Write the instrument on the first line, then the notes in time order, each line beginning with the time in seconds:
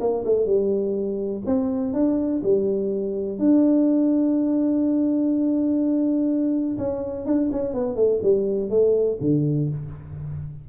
tuba
0.00 A#3
0.25 A3
0.46 G3
1.46 C4
1.94 D4
2.43 G3
3.38 D4
6.78 C#4
7.26 D4
7.52 C#4
7.74 B3
7.96 A3
8.23 G3
8.70 A3
9.20 D3